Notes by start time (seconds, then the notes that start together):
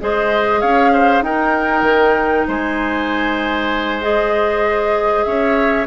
0.00 G#3 G#4 C5 D#5
0.60 C#4 C#5 F5
0.93 C5
1.21 D#4 A#4 G5
1.82 D#3
2.47 G#3 C5 G#5
4.01 G#4 D#5
5.23 C#4 C#5 E5